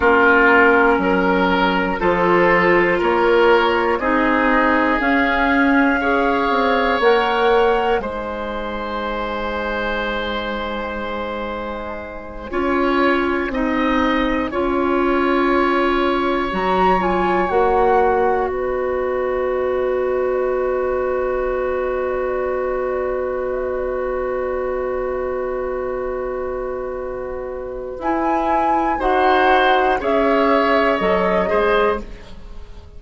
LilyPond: <<
  \new Staff \with { instrumentName = "flute" } { \time 4/4 \tempo 4 = 60 ais'2 c''4 cis''4 | dis''4 f''2 fis''4 | gis''1~ | gis''1~ |
gis''8 ais''8 gis''8 fis''4 dis''4.~ | dis''1~ | dis''1 | gis''4 fis''4 e''4 dis''4 | }
  \new Staff \with { instrumentName = "oboe" } { \time 4/4 f'4 ais'4 a'4 ais'4 | gis'2 cis''2 | c''1~ | c''8 cis''4 dis''4 cis''4.~ |
cis''2~ cis''8 b'4.~ | b'1~ | b'1~ | b'4 c''4 cis''4. c''8 | }
  \new Staff \with { instrumentName = "clarinet" } { \time 4/4 cis'2 f'2 | dis'4 cis'4 gis'4 ais'4 | dis'1~ | dis'8 f'4 dis'4 f'4.~ |
f'8 fis'8 f'8 fis'2~ fis'8~ | fis'1~ | fis'1 | e'4 fis'4 gis'4 a'8 gis'8 | }
  \new Staff \with { instrumentName = "bassoon" } { \time 4/4 ais4 fis4 f4 ais4 | c'4 cis'4. c'8 ais4 | gis1~ | gis8 cis'4 c'4 cis'4.~ |
cis'8 fis4 ais4 b4.~ | b1~ | b1 | e'4 dis'4 cis'4 fis8 gis8 | }
>>